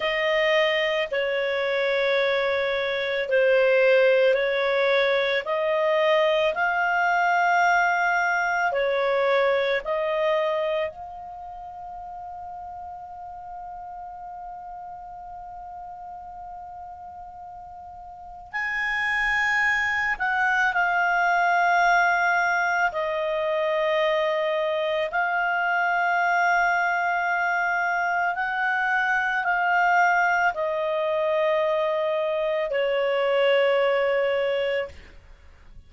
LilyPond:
\new Staff \with { instrumentName = "clarinet" } { \time 4/4 \tempo 4 = 55 dis''4 cis''2 c''4 | cis''4 dis''4 f''2 | cis''4 dis''4 f''2~ | f''1~ |
f''4 gis''4. fis''8 f''4~ | f''4 dis''2 f''4~ | f''2 fis''4 f''4 | dis''2 cis''2 | }